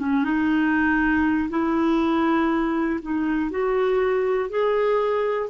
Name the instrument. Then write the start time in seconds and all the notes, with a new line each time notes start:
clarinet
0.00 C#4
0.25 D#4
1.50 E4
3.03 D#4
3.51 F#4
4.50 G#4